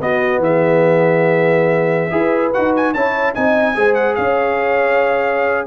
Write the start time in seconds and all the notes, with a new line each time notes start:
0.00 B3 F#4 D#5
0.38 E3 G#4 E5
2.10 E4 G#4 B4
2.53 D#4 F#4 F#5
2.76 G#5
2.93 C#4 E4 C#5 A5
3.34 C4 D#4 D#5 G#5
3.75 G#3 G#4 C5
3.94 F#5
4.15 C#4 C#5 F5